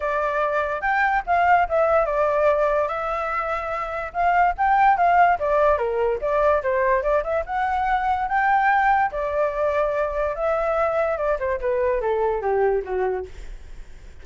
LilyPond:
\new Staff \with { instrumentName = "flute" } { \time 4/4 \tempo 4 = 145 d''2 g''4 f''4 | e''4 d''2 e''4~ | e''2 f''4 g''4 | f''4 d''4 ais'4 d''4 |
c''4 d''8 e''8 fis''2 | g''2 d''2~ | d''4 e''2 d''8 c''8 | b'4 a'4 g'4 fis'4 | }